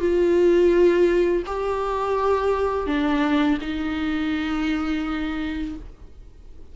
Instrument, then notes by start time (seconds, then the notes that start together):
viola
0.00 F4
1.46 G4
2.86 D4
3.61 D#4